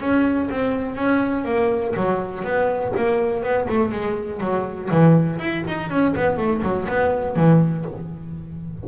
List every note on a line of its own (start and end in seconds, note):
0.00 0.49 C#4
0.50 0.95 C4
0.95 1.45 C#4
1.45 1.94 A#3
1.96 2.44 F#3
2.44 2.93 B3
2.97 3.43 A#3
3.43 3.67 B3
3.69 3.92 A3
3.92 4.40 G#3
4.40 4.90 F#3
4.91 5.39 E3
5.39 5.64 E4
5.68 5.90 D#4
5.90 6.15 C#4
6.16 6.37 B3
6.37 6.62 A3
6.63 6.87 F#3
6.89 7.36 B3
7.36 7.85 E3